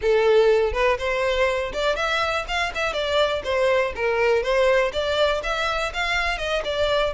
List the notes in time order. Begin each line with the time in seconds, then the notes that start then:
0.01 A4
0.72 B4
0.98 C5
1.73 D5
1.96 E5
2.47 F5
2.75 E5
2.93 D5
3.43 C5
3.95 A#4
4.42 C5
4.92 D5
5.43 E5
5.93 F5
6.38 D#5
6.64 D5